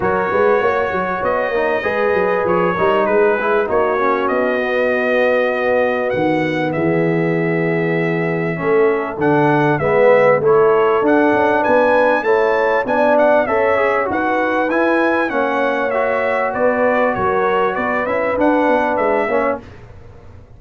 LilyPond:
<<
  \new Staff \with { instrumentName = "trumpet" } { \time 4/4 \tempo 4 = 98 cis''2 dis''2 | cis''4 b'4 cis''4 dis''4~ | dis''2 fis''4 e''4~ | e''2. fis''4 |
e''4 cis''4 fis''4 gis''4 | a''4 gis''8 fis''8 e''4 fis''4 | gis''4 fis''4 e''4 d''4 | cis''4 d''8 e''8 fis''4 e''4 | }
  \new Staff \with { instrumentName = "horn" } { \time 4/4 ais'8 b'8 cis''2 b'4~ | b'8 ais'8 gis'4 fis'2~ | fis'2. gis'4~ | gis'2 a'2 |
b'4 a'2 b'4 | cis''4 d''4 cis''4 b'4~ | b'4 cis''2 b'4 | ais'4 b'2~ b'8 cis''8 | }
  \new Staff \with { instrumentName = "trombone" } { \time 4/4 fis'2~ fis'8 dis'8 gis'4~ | gis'8 dis'4 e'8 dis'8 cis'4 b8~ | b1~ | b2 cis'4 d'4 |
b4 e'4 d'2 | e'4 d'4 a'8 gis'8 fis'4 | e'4 cis'4 fis'2~ | fis'4. e'8 d'4. cis'8 | }
  \new Staff \with { instrumentName = "tuba" } { \time 4/4 fis8 gis8 ais8 fis8 b8 ais8 gis8 fis8 | f8 g8 gis4 ais4 b4~ | b2 dis4 e4~ | e2 a4 d4 |
gis4 a4 d'8 cis'8 b4 | a4 b4 cis'4 dis'4 | e'4 ais2 b4 | fis4 b8 cis'8 d'8 b8 gis8 ais8 | }
>>